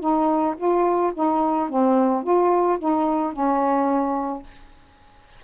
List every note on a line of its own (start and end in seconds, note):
0.00 0.55 D#4
0.57 1.12 F4
1.14 1.69 D#4
1.69 2.23 C4
2.23 2.78 F4
2.79 3.33 D#4
3.33 4.43 C#4